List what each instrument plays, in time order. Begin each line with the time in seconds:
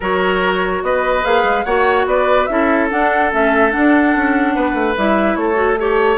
0.00 bassoon F#3, clarinet F#4, oboe A#4, flute C#5
0.82 bassoon B3, oboe B4, flute D#5
1.23 bassoon A#3, clarinet G#4, flute F5
1.43 bassoon G#3
1.64 bassoon A#3, clarinet F#4, oboe C#5, flute F#5
2.06 bassoon B3, oboe B4, flute D5
2.45 bassoon C#4, clarinet E4, oboe A4, flute E5
2.89 clarinet D4, bassoon D4, flute F#5
3.31 bassoon A3, clarinet C#4, flute E5
3.71 clarinet D4, bassoon D4, flute F#5
4.15 bassoon C#4
4.54 bassoon B3, oboe B4
4.74 bassoon A3
4.96 bassoon G3, clarinet E4, flute E5
5.35 bassoon A3, oboe A4, flute C#5
5.54 clarinet F#4
5.79 clarinet G4, flute A4, oboe C#5